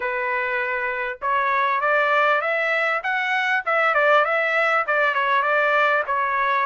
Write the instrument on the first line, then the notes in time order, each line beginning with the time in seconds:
trumpet
0.00 B4
1.21 C#5
1.80 D5
2.41 E5
3.03 F#5
3.65 E5
3.94 D5
4.24 E5
4.87 D5
5.14 C#5
5.42 D5
6.07 C#5